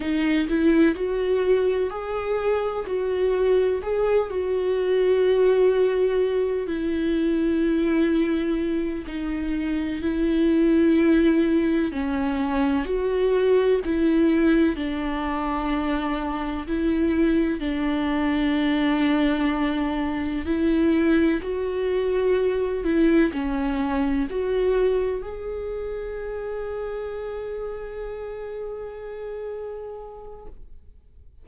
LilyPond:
\new Staff \with { instrumentName = "viola" } { \time 4/4 \tempo 4 = 63 dis'8 e'8 fis'4 gis'4 fis'4 | gis'8 fis'2~ fis'8 e'4~ | e'4. dis'4 e'4.~ | e'8 cis'4 fis'4 e'4 d'8~ |
d'4. e'4 d'4.~ | d'4. e'4 fis'4. | e'8 cis'4 fis'4 gis'4.~ | gis'1 | }